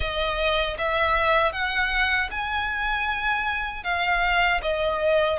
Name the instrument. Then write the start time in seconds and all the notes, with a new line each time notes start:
violin
0.00 D#5
0.77 E5
1.52 F#5
2.30 G#5
3.83 F5
4.62 D#5